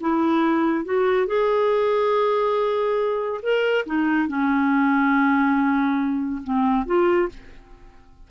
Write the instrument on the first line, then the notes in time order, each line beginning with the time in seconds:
clarinet
0.00 E4
0.84 F#4
1.26 G#4
3.42 A#4
3.86 D#4
4.28 C#4
6.43 C4
6.86 F4